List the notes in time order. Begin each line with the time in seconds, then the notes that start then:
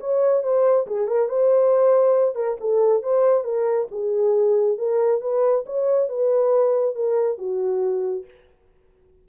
0.00 C#5
0.43 C5
0.87 G#4
1.08 A#4
1.29 C5
2.36 A#4
2.60 A4
3.03 C5
3.44 A#4
3.91 G#4
4.78 A#4
5.21 B4
5.66 C#5
6.09 B4
6.95 A#4
7.38 F#4